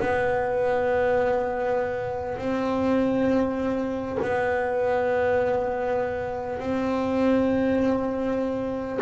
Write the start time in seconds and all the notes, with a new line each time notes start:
0.00 B3
2.39 C4
4.23 B3
6.60 C4